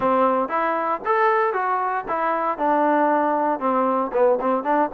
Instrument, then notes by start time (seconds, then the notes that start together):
trombone
0.00 C4
0.49 E4
1.05 A4
1.53 F#4
2.08 E4
2.57 D4
3.59 C4
4.12 B3
4.41 C4
4.63 D4